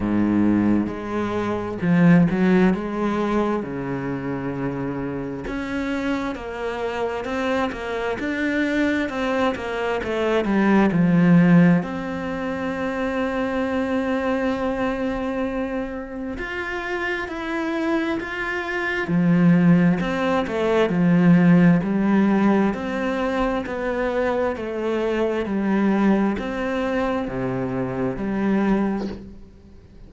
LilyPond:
\new Staff \with { instrumentName = "cello" } { \time 4/4 \tempo 4 = 66 gis,4 gis4 f8 fis8 gis4 | cis2 cis'4 ais4 | c'8 ais8 d'4 c'8 ais8 a8 g8 | f4 c'2.~ |
c'2 f'4 e'4 | f'4 f4 c'8 a8 f4 | g4 c'4 b4 a4 | g4 c'4 c4 g4 | }